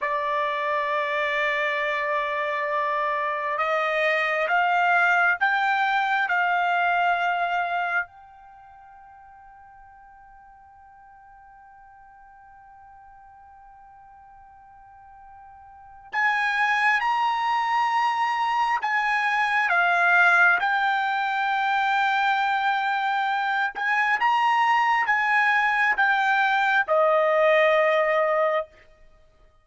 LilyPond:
\new Staff \with { instrumentName = "trumpet" } { \time 4/4 \tempo 4 = 67 d''1 | dis''4 f''4 g''4 f''4~ | f''4 g''2.~ | g''1~ |
g''2 gis''4 ais''4~ | ais''4 gis''4 f''4 g''4~ | g''2~ g''8 gis''8 ais''4 | gis''4 g''4 dis''2 | }